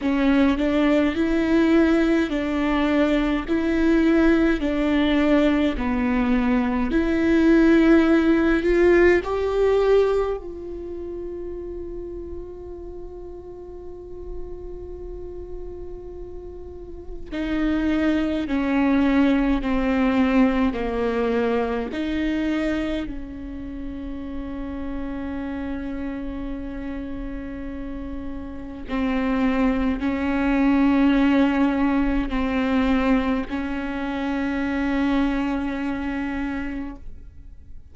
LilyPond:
\new Staff \with { instrumentName = "viola" } { \time 4/4 \tempo 4 = 52 cis'8 d'8 e'4 d'4 e'4 | d'4 b4 e'4. f'8 | g'4 f'2.~ | f'2. dis'4 |
cis'4 c'4 ais4 dis'4 | cis'1~ | cis'4 c'4 cis'2 | c'4 cis'2. | }